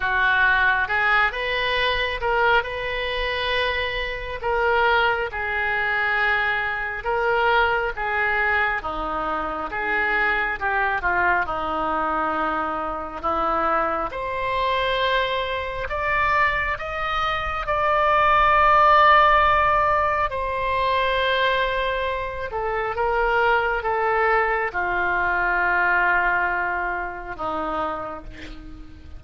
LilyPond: \new Staff \with { instrumentName = "oboe" } { \time 4/4 \tempo 4 = 68 fis'4 gis'8 b'4 ais'8 b'4~ | b'4 ais'4 gis'2 | ais'4 gis'4 dis'4 gis'4 | g'8 f'8 dis'2 e'4 |
c''2 d''4 dis''4 | d''2. c''4~ | c''4. a'8 ais'4 a'4 | f'2. dis'4 | }